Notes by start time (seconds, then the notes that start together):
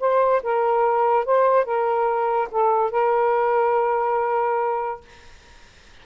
0.00 C5
0.43 A#4
1.25 C5
1.65 A#4
2.51 A4
2.91 A#4